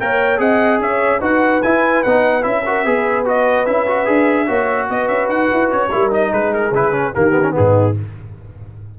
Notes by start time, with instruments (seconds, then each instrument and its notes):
0.00 tuba A#3, trombone A#4, horn C#5, trumpet G5
0.38 tuba C4, trombone G#4, horn D#5, trumpet F#5
0.79 tuba C#4, horn C#5, trumpet E5
1.20 tuba D#4, trombone F#4, horn B4, trumpet F#5
1.62 tuba E4, trombone E4, trumpet G#5
2.03 tuba B3, trombone D#4, trumpet F#5
2.43 tuba C#4, trombone E4, trumpet E5
2.66 trombone F#4, horn A#4
2.86 tuba B3, trombone G#4, horn B4
3.26 trombone F#4, trumpet D#5
3.66 tuba C#4, trombone E4, trumpet E5
3.87 trombone F#4
4.06 tuba D4, trombone G#4
4.47 tuba A#3, trombone F#4, horn C#5
4.90 tuba B3, horn B4, trumpet D#5
5.08 tuba C#4, trumpet E5
5.29 tuba D#4, trumpet F#5
5.53 tuba E4
5.71 tuba C#4, trumpet C#5
5.91 tuba G3, trombone E4, horn A#4
6.11 trombone D#4, trumpet D#5
6.31 tuba G#3, horn G#4, trumpet B4
6.54 trumpet A#4
6.72 tuba C#3, trombone E4, trumpet B4
6.93 trombone C#4
7.14 tuba D#3, trombone A#3, horn G4, trumpet A#4
7.31 trombone B3
7.43 trombone C#4
7.51 trombone B3, horn D#4, trumpet G#4
7.59 tuba G#2